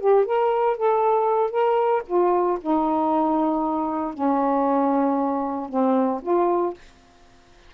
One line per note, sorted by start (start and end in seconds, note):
0.00 0.26 G4
0.26 0.77 A#4
0.77 1.51 A4
1.51 2.02 A#4
2.07 2.59 F4
2.61 4.14 D#4
4.14 5.69 C#4
5.69 6.21 C4
6.22 6.74 F4